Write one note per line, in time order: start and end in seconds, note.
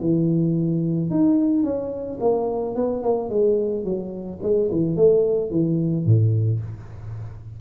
0.00 1.10 E3
1.10 1.63 D#4
1.63 2.18 C#4
2.20 2.75 A#3
2.75 3.02 B3
3.02 3.29 A#3
3.29 3.84 G#3
3.84 4.39 F#3
4.42 4.70 G#3
4.71 4.96 E3
4.96 5.50 A3
5.50 6.05 E3
6.05 6.60 A2